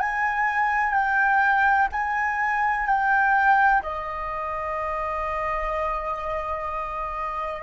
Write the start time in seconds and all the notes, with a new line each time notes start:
0.00 G#5
0.93 G5
1.92 G#5
2.87 G5
3.82 D#5